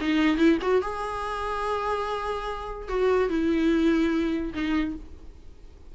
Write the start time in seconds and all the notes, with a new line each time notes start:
0.00 D#4
0.37 E4
0.61 F#4
0.81 G#4
2.88 F#4
3.29 E4
4.53 D#4